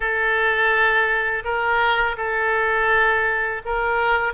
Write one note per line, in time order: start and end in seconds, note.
0.00 1.43 A4
1.44 2.16 A#4
2.17 3.61 A4
3.65 4.33 A#4